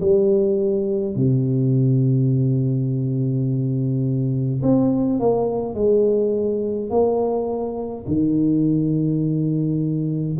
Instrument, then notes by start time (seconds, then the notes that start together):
tuba
0.00 G3
1.15 C3
4.62 C4
5.19 A#3
5.74 G#3
6.90 A#3
8.07 D#3